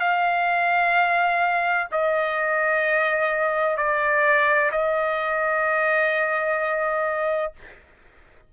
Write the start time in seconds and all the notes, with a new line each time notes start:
0.00 F5
1.92 D#5
3.77 D5
4.72 D#5